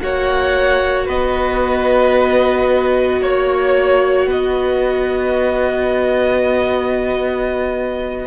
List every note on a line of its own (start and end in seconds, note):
0.00 1.09 A#3
0.00 8.27 F#4
0.00 1.06 C#5
0.00 1.07 F#5
1.06 3.21 B3
1.06 3.21 B4
1.06 3.22 D#5
3.21 4.27 A#3
3.21 4.27 C#5
3.21 4.29 C#5
4.27 8.27 B3
4.27 8.27 B4
4.27 8.27 D#5